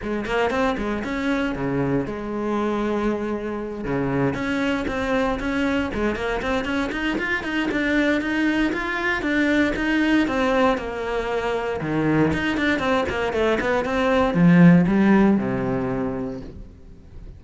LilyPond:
\new Staff \with { instrumentName = "cello" } { \time 4/4 \tempo 4 = 117 gis8 ais8 c'8 gis8 cis'4 cis4 | gis2.~ gis8 cis8~ | cis8 cis'4 c'4 cis'4 gis8 | ais8 c'8 cis'8 dis'8 f'8 dis'8 d'4 |
dis'4 f'4 d'4 dis'4 | c'4 ais2 dis4 | dis'8 d'8 c'8 ais8 a8 b8 c'4 | f4 g4 c2 | }